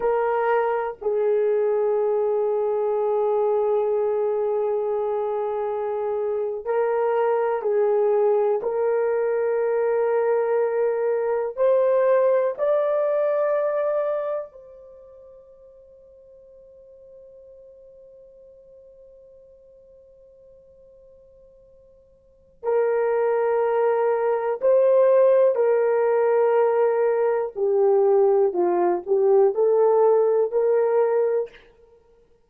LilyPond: \new Staff \with { instrumentName = "horn" } { \time 4/4 \tempo 4 = 61 ais'4 gis'2.~ | gis'2~ gis'8. ais'4 gis'16~ | gis'8. ais'2. c''16~ | c''8. d''2 c''4~ c''16~ |
c''1~ | c''2. ais'4~ | ais'4 c''4 ais'2 | g'4 f'8 g'8 a'4 ais'4 | }